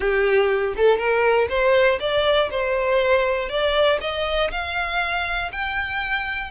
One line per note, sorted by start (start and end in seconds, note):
0.00 0.74 G4
0.76 0.98 A4
0.98 1.48 A#4
1.49 1.99 C5
2.00 2.50 D5
2.50 3.49 C5
3.49 3.99 D5
4.00 4.50 D#5
4.51 5.51 F5
5.52 6.50 G5